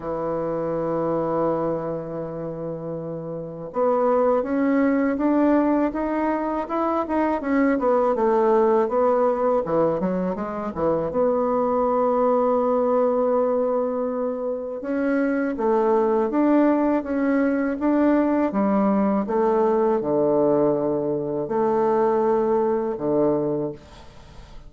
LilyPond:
\new Staff \with { instrumentName = "bassoon" } { \time 4/4 \tempo 4 = 81 e1~ | e4 b4 cis'4 d'4 | dis'4 e'8 dis'8 cis'8 b8 a4 | b4 e8 fis8 gis8 e8 b4~ |
b1 | cis'4 a4 d'4 cis'4 | d'4 g4 a4 d4~ | d4 a2 d4 | }